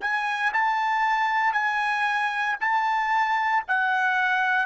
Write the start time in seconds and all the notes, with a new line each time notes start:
0.00 G#5
0.53 A5
1.52 G#5
2.60 A5
3.67 F#5